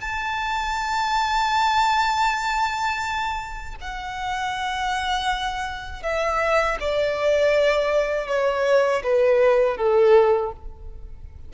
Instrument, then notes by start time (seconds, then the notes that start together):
violin
0.00 A5
3.81 F#5
6.02 E5
6.80 D5
8.27 C#5
9.03 B4
9.77 A4